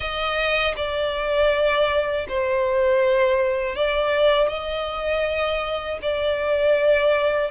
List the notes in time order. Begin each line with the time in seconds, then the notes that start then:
0.00 D#5
0.76 D5
2.28 C5
3.75 D5
4.48 D#5
6.01 D5